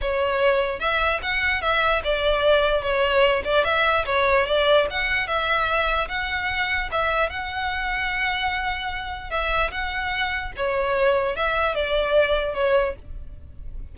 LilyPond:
\new Staff \with { instrumentName = "violin" } { \time 4/4 \tempo 4 = 148 cis''2 e''4 fis''4 | e''4 d''2 cis''4~ | cis''8 d''8 e''4 cis''4 d''4 | fis''4 e''2 fis''4~ |
fis''4 e''4 fis''2~ | fis''2. e''4 | fis''2 cis''2 | e''4 d''2 cis''4 | }